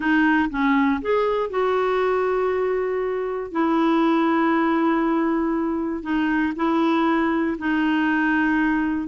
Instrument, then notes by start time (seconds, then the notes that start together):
clarinet
0.00 D#4
0.50 C#4
1.01 G#4
1.49 F#4
3.51 E4
6.03 D#4
6.56 E4
7.58 D#4